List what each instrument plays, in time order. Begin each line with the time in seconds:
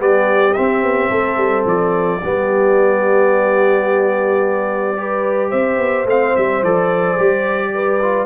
0.00 tuba G3, trombone B3, horn G4, trumpet D5
0.54 trombone C4, tuba C4, trumpet E5
0.83 tuba B3
1.10 tuba A3, horn A4
1.38 tuba G3
1.66 tuba F3, trumpet D5
2.24 tuba G3, trombone B3, horn G4
4.98 trombone G4, horn B4
5.50 tuba C4, horn C5, trumpet E5
5.78 tuba B3
6.06 tuba A3, trombone C4, trumpet F5
6.36 tuba G3, trumpet E5
6.63 tuba F3, trombone A4, trumpet D5
7.18 tuba G3, trombone G4
7.75 horn B4
8.03 trombone F4